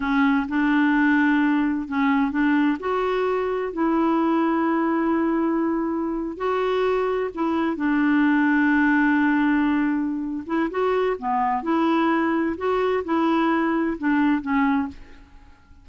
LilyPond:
\new Staff \with { instrumentName = "clarinet" } { \time 4/4 \tempo 4 = 129 cis'4 d'2. | cis'4 d'4 fis'2 | e'1~ | e'4.~ e'16 fis'2 e'16~ |
e'8. d'2.~ d'16~ | d'2~ d'8 e'8 fis'4 | b4 e'2 fis'4 | e'2 d'4 cis'4 | }